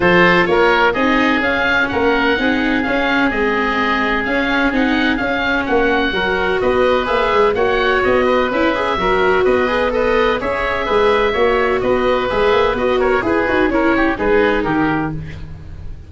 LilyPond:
<<
  \new Staff \with { instrumentName = "oboe" } { \time 4/4 \tempo 4 = 127 c''4 cis''4 dis''4 f''4 | fis''2 f''4 dis''4~ | dis''4 f''4 fis''4 f''4 | fis''2 dis''4 e''4 |
fis''4 dis''4 e''2 | dis''4 b'4 e''2~ | e''4 dis''4 e''4 dis''8 cis''8 | b'4 cis''4 b'4 ais'4 | }
  \new Staff \with { instrumentName = "oboe" } { \time 4/4 a'4 ais'4 gis'2 | ais'4 gis'2.~ | gis'1 | fis'4 ais'4 b'2 |
cis''4. b'4. ais'4 | b'4 dis''4 cis''4 b'4 | cis''4 b'2~ b'8 ais'8 | gis'4 ais'8 g'8 gis'4 g'4 | }
  \new Staff \with { instrumentName = "viola" } { \time 4/4 f'2 dis'4 cis'4~ | cis'4 dis'4 cis'4 c'4~ | c'4 cis'4 dis'4 cis'4~ | cis'4 fis'2 gis'4 |
fis'2 e'8 gis'8 fis'4~ | fis'8 gis'8 a'4 gis'2 | fis'2 gis'4 fis'4 | gis'8 fis'8 e'4 dis'2 | }
  \new Staff \with { instrumentName = "tuba" } { \time 4/4 f4 ais4 c'4 cis'4 | ais4 c'4 cis'4 gis4~ | gis4 cis'4 c'4 cis'4 | ais4 fis4 b4 ais8 gis8 |
ais4 b4 cis'4 fis4 | b2 cis'4 gis4 | ais4 b4 gis8 ais8 b4 | e'8 dis'8 cis'4 gis4 dis4 | }
>>